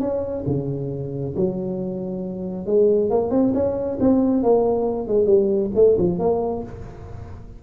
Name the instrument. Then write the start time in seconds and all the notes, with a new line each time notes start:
tuba
0.00 C#4
0.47 C#3
1.36 F#3
2.66 G#3
3.10 A#3
3.31 C4
3.54 C#4
4.00 C4
4.43 A#3
5.08 G#3
5.26 G3
5.75 A3
5.98 F3
6.19 A#3